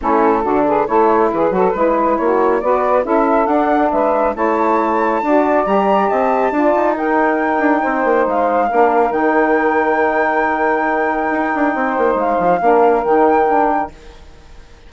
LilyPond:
<<
  \new Staff \with { instrumentName = "flute" } { \time 4/4 \tempo 4 = 138 a'4. b'8 cis''4 b'4~ | b'4 cis''4 d''4 e''4 | fis''4 e''4 a''2~ | a''4 ais''4 a''2 |
g''2. f''4~ | f''4 g''2.~ | g''1 | f''2 g''2 | }
  \new Staff \with { instrumentName = "saxophone" } { \time 4/4 e'4 fis'8 gis'8 a'4 gis'8 a'8 | b'4 fis'4 b'4 a'4~ | a'4 b'4 cis''2 | d''2 dis''4 d''4 |
ais'2 c''2 | ais'1~ | ais'2. c''4~ | c''4 ais'2. | }
  \new Staff \with { instrumentName = "saxophone" } { \time 4/4 cis'4 d'4 e'4. fis'8 | e'2 fis'4 e'4 | d'2 e'2 | fis'4 g'2 f'4 |
dis'1 | d'4 dis'2.~ | dis'1~ | dis'4 d'4 dis'4 d'4 | }
  \new Staff \with { instrumentName = "bassoon" } { \time 4/4 a4 d4 a4 e8 fis8 | gis4 ais4 b4 cis'4 | d'4 gis4 a2 | d'4 g4 c'4 d'8 dis'8~ |
dis'4. d'8 c'8 ais8 gis4 | ais4 dis2.~ | dis2 dis'8 d'8 c'8 ais8 | gis8 f8 ais4 dis2 | }
>>